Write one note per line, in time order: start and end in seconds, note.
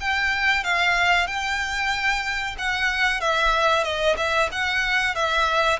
0.00 0.64 G5
0.64 1.27 F5
1.27 2.56 G5
2.58 3.21 F#5
3.21 3.84 E5
3.84 4.16 D#5
4.17 4.49 E5
4.52 5.15 F#5
5.15 5.79 E5